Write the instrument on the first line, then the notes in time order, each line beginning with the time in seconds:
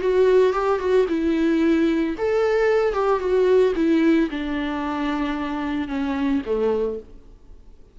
viola
0.00 F#4
0.53 G4
0.79 F#4
1.08 E4
2.18 A4
2.93 G4
3.19 F#4
3.75 E4
4.30 D4
5.88 C#4
6.46 A3